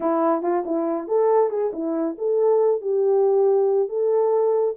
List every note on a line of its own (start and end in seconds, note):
0.00 0.42 E4
0.42 0.64 F4
0.65 1.07 E4
1.07 1.50 A4
1.50 1.71 G#4
1.73 2.16 E4
2.18 2.81 A4
2.81 3.88 G4
3.88 4.75 A4